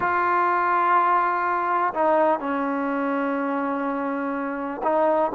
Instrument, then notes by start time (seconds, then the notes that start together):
trombone
0.00 F4
1.94 D#4
2.39 C#4
4.83 D#4